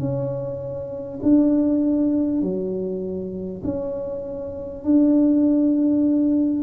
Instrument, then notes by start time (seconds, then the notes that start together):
tuba
0.00 C#4
1.23 D4
2.42 F#3
3.64 C#4
4.84 D4